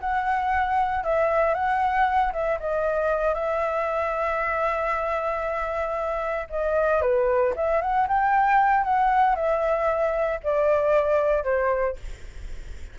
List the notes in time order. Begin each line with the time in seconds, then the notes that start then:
0.00 F#5
1.04 E5
1.54 F#5
2.32 E5
2.60 D#5
3.34 E5
6.50 D#5
7.01 B4
7.56 E5
7.81 F#5
8.08 G5
8.84 F#5
9.35 E5
10.43 D5
11.44 C5